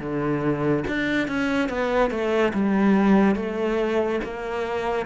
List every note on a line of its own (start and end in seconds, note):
0.00 0.85 D3
0.88 1.28 D4
1.28 1.69 C#4
1.69 2.11 B3
2.11 2.53 A3
2.54 3.36 G3
3.36 4.20 A3
4.24 5.07 A#3